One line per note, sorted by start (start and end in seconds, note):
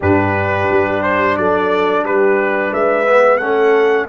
0.00 0.69 G2
0.00 3.06 D4
0.00 1.35 G4
0.00 1.02 B4
0.70 1.37 G3
1.02 1.36 C5
1.37 2.03 F#3
1.37 2.04 A4
1.37 2.05 D5
2.03 2.71 G3
2.03 2.71 G4
2.03 2.73 B4
2.71 3.40 G#3
2.71 3.38 B4
2.71 3.37 E5
3.06 3.40 B3
3.37 4.08 A3
3.37 4.08 C#4
3.37 4.07 A4
3.37 4.06 F#5